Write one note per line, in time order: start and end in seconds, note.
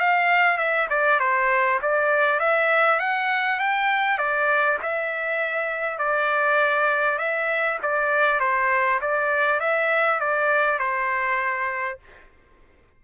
0.00 0.58 F5
0.58 0.88 E5
0.90 1.20 D5
1.20 1.80 C5
1.82 2.40 D5
2.40 3.00 E5
3.00 3.60 F#5
3.60 4.18 G5
4.18 4.78 D5
4.83 5.99 E5
5.99 7.19 D5
7.19 7.79 E5
7.83 8.40 D5
8.40 9.00 C5
9.02 9.60 D5
9.60 10.20 E5
10.21 10.79 D5
10.79 11.99 C5